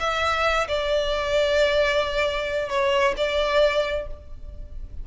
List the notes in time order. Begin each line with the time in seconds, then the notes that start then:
0.00 E5
0.68 D5
2.70 C#5
3.17 D5